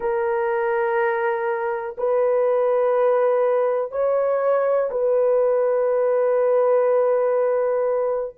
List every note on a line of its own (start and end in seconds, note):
0.00 1.95 A#4
1.97 3.91 B4
3.91 4.90 C#5
4.90 8.35 B4